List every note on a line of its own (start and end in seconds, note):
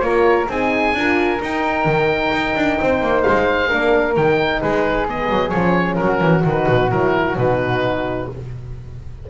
0.00 0.48 A#3
0.00 0.48 F4
0.00 0.50 A#4
0.00 0.46 C#5
0.49 0.94 C4
0.49 0.96 D#4
0.49 0.96 G#4
0.49 1.43 G#5
0.94 1.40 D4
0.94 1.40 F4
0.94 2.81 A#4
1.40 3.69 D#4
1.40 1.86 D#4
1.40 3.23 G5
1.86 2.31 D#3
2.32 2.55 D#4
2.56 2.79 D4
2.81 3.02 C4
2.81 3.68 C5
3.02 3.25 A#3
3.23 3.73 G#3
3.23 4.14 F5
3.68 4.17 A#3
3.68 4.15 D4
3.68 4.60 A#4
4.17 4.63 D#3
4.17 5.08 D#4
4.17 4.62 G5
4.61 5.30 G#3
4.61 5.98 G#4
4.61 5.08 B4
5.08 5.54 B3
5.08 5.50 D#5
5.30 5.53 F#3
5.50 6.00 F3
5.50 6.43 C#4
5.50 5.96 C#5
5.96 6.21 F#3
5.96 8.27 F#4
5.96 6.42 A#4
6.21 6.44 E3
6.43 6.67 D#3
6.43 6.89 D#4
6.43 6.91 B4
6.69 6.92 B2
6.91 7.36 F#3
6.91 7.37 E4
6.91 7.37 A#4
7.36 8.28 B2
7.36 8.30 D#4
7.36 8.30 B4